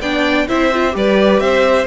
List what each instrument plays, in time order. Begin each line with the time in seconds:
0.00 cello B3, viola D4, violin D5 G5
0.48 cello C4, viola E4, violin C5 E5
0.73 viola F4
0.92 cello G3, viola G4, violin B4 D5
1.40 cello C4, violin C5 E5